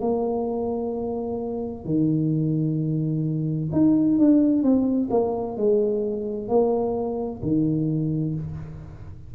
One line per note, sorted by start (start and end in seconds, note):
0.00 1.85 A#3
1.85 3.69 D#3
3.72 4.18 D#4
4.18 4.62 D4
4.62 5.09 C4
5.10 5.56 A#3
5.56 6.48 G#3
6.48 7.41 A#3
7.42 8.35 D#3